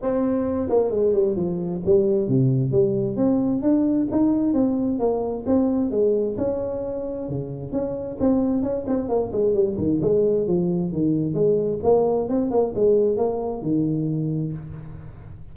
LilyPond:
\new Staff \with { instrumentName = "tuba" } { \time 4/4 \tempo 4 = 132 c'4. ais8 gis8 g8 f4 | g4 c4 g4 c'4 | d'4 dis'4 c'4 ais4 | c'4 gis4 cis'2 |
cis4 cis'4 c'4 cis'8 c'8 | ais8 gis8 g8 dis8 gis4 f4 | dis4 gis4 ais4 c'8 ais8 | gis4 ais4 dis2 | }